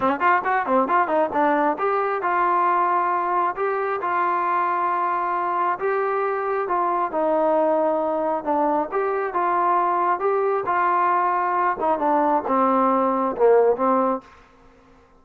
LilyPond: \new Staff \with { instrumentName = "trombone" } { \time 4/4 \tempo 4 = 135 cis'8 f'8 fis'8 c'8 f'8 dis'8 d'4 | g'4 f'2. | g'4 f'2.~ | f'4 g'2 f'4 |
dis'2. d'4 | g'4 f'2 g'4 | f'2~ f'8 dis'8 d'4 | c'2 ais4 c'4 | }